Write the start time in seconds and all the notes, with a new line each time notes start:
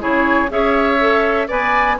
0.00 C#3 E4 G#4 C#5
0.49 C#4 G#4 C#5 E5
1.00 A4
1.48 B3 B4 D5 G#5